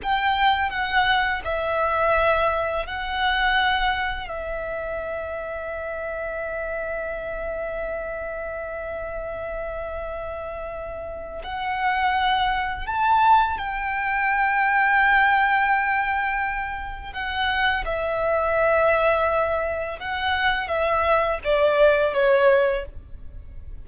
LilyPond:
\new Staff \with { instrumentName = "violin" } { \time 4/4 \tempo 4 = 84 g''4 fis''4 e''2 | fis''2 e''2~ | e''1~ | e''1 |
fis''2 a''4 g''4~ | g''1 | fis''4 e''2. | fis''4 e''4 d''4 cis''4 | }